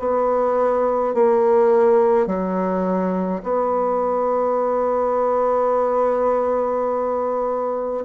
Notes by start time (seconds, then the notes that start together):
0.00 B3
1.15 A#3
2.27 F#3
3.44 B3